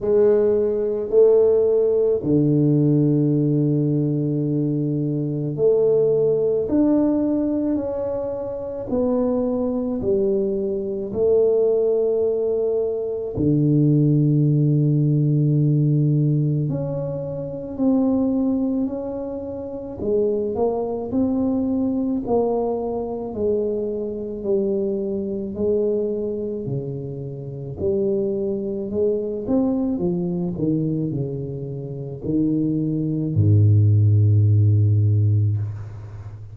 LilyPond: \new Staff \with { instrumentName = "tuba" } { \time 4/4 \tempo 4 = 54 gis4 a4 d2~ | d4 a4 d'4 cis'4 | b4 g4 a2 | d2. cis'4 |
c'4 cis'4 gis8 ais8 c'4 | ais4 gis4 g4 gis4 | cis4 g4 gis8 c'8 f8 dis8 | cis4 dis4 gis,2 | }